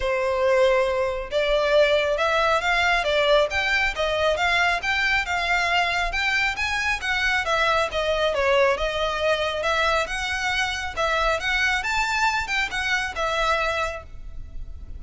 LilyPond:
\new Staff \with { instrumentName = "violin" } { \time 4/4 \tempo 4 = 137 c''2. d''4~ | d''4 e''4 f''4 d''4 | g''4 dis''4 f''4 g''4 | f''2 g''4 gis''4 |
fis''4 e''4 dis''4 cis''4 | dis''2 e''4 fis''4~ | fis''4 e''4 fis''4 a''4~ | a''8 g''8 fis''4 e''2 | }